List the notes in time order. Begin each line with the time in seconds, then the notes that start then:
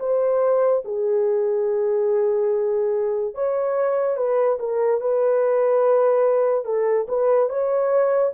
0.00 C5
0.85 G#4
3.35 C#5
4.17 B4
4.60 A#4
5.01 B4
6.66 A4
7.09 B4
7.50 C#5